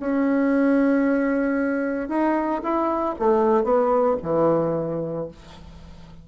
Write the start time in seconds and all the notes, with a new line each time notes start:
0.00 C#4
2.09 D#4
2.63 E4
3.19 A3
3.64 B3
4.23 E3